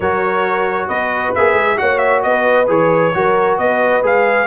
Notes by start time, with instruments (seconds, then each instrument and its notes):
0.00 tuba F#3, trombone F#4, horn A#4, trumpet C#5
0.87 tuba B3, horn B4, trumpet D#5
1.35 tuba A#3, trombone G#4, trumpet E5
1.53 tuba G#3
1.76 tuba A#3, trombone F#4, horn C#5, trumpet F#5
1.98 trumpet E5
2.23 tuba B3, horn B4, trumpet D#5
2.67 tuba E3, trombone G#4, trumpet C#5
3.14 tuba F#3, trombone F#4, horn A#4
3.57 tuba B3, horn B4, trumpet D#5
4.02 tuba G#3, trombone G#4, trumpet F5